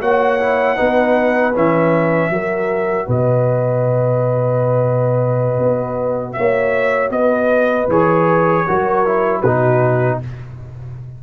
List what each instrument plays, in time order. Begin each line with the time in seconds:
0.00 tuba A#3, trombone F#4, horn C#5, trumpet F#5
0.39 trombone E4
0.76 tuba B3, trombone D#4, horn B4
1.54 tuba E3, trombone C#4, trumpet E5
2.29 tuba F#3, trombone F#4, horn A#4
3.06 tuba B2, horn B4, trumpet D#5
5.58 tuba B3
6.32 tuba A#3, horn C#5, trumpet E5
7.09 tuba B3, horn B4, trumpet D#5
7.87 tuba E3, trombone G#4, trumpet C#5
8.66 tuba F#3, trombone F#4, horn A#4
9.05 trombone E4
9.41 tuba B2, trombone D#4, horn F#4, trumpet B4